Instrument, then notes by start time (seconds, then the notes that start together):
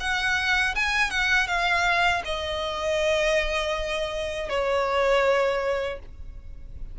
violin
0.00 F#5
0.75 G#5
1.10 F#5
1.47 F5
2.25 D#5
4.49 C#5